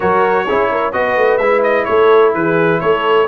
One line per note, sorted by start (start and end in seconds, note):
0.00 0.48 F#3
0.00 0.47 F#4
0.00 0.45 A#4
0.00 0.92 C#5
0.45 0.93 C#4
0.45 0.93 E4
0.45 0.69 G#4
0.71 0.94 A#4
0.92 1.16 B3
0.92 1.39 F#4
0.92 1.87 B4
0.92 1.37 D#5
1.16 1.38 A3
1.37 1.85 G#3
1.37 3.27 E4
1.37 1.61 E5
1.63 1.84 D#5
1.84 2.34 A3
1.84 2.34 A4
1.84 2.31 C#5
2.34 2.80 E3
2.34 2.80 G#4
2.34 2.80 B4
2.80 3.27 A3
2.80 3.27 A4
2.80 3.27 C#5